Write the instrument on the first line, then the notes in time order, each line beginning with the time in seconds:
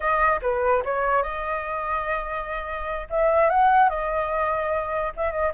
flute
0.00 D#5
0.41 B4
0.84 C#5
1.22 D#5
3.10 E5
3.49 F#5
3.89 D#5
5.16 E5
5.31 D#5